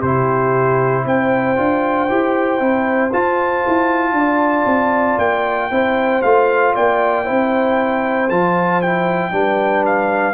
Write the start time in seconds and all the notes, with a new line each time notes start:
0.00 C3 E4 G4 C5
1.04 C4 C5 G5
1.56 D4 F4
2.09 E4 G4
2.59 C4 E4
3.12 F4 A5
3.67 E4
4.12 D4 D5
4.66 C4
5.18 A#3 G5
5.70 C4 E4 C5
6.22 A3 F4 F5
6.74 A#3 D5 G5
7.25 C4 E4 C5
8.30 F3 F4 A5
8.81 E4 G5
9.31 G3 D4 B4
9.86 F5